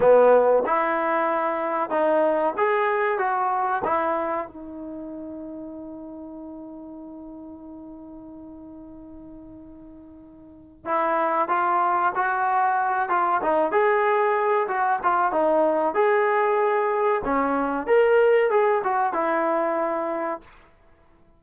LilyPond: \new Staff \with { instrumentName = "trombone" } { \time 4/4 \tempo 4 = 94 b4 e'2 dis'4 | gis'4 fis'4 e'4 dis'4~ | dis'1~ | dis'1~ |
dis'4 e'4 f'4 fis'4~ | fis'8 f'8 dis'8 gis'4. fis'8 f'8 | dis'4 gis'2 cis'4 | ais'4 gis'8 fis'8 e'2 | }